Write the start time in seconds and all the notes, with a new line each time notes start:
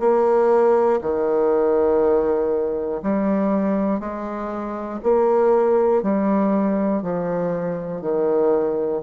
0.00 A#3
1.01 D#3
3.02 G3
4.00 G#3
5.03 A#3
6.02 G3
7.02 F3
8.01 D#3